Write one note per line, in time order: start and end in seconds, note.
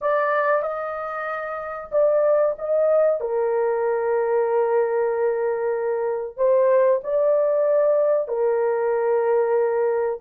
0.01 0.62 D5
0.62 1.89 D#5
1.91 2.55 D5
2.58 3.20 D#5
3.20 6.37 A#4
6.37 7.00 C5
7.03 8.28 D5
8.28 10.19 A#4